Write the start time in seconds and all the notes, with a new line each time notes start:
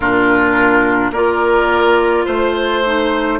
0.00 A#2 D4 F4 A#4
1.11 A#3 F4 A#4 D5
2.25 A3 C5
2.85 D#4